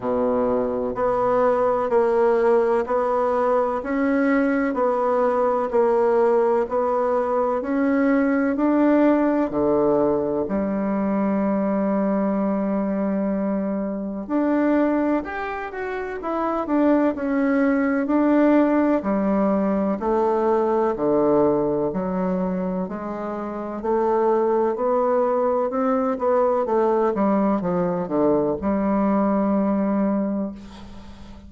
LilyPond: \new Staff \with { instrumentName = "bassoon" } { \time 4/4 \tempo 4 = 63 b,4 b4 ais4 b4 | cis'4 b4 ais4 b4 | cis'4 d'4 d4 g4~ | g2. d'4 |
g'8 fis'8 e'8 d'8 cis'4 d'4 | g4 a4 d4 fis4 | gis4 a4 b4 c'8 b8 | a8 g8 f8 d8 g2 | }